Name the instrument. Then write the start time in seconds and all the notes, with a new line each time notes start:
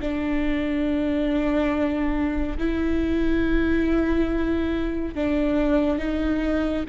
viola
0.00 D4
2.58 E4
5.14 D4
5.98 D#4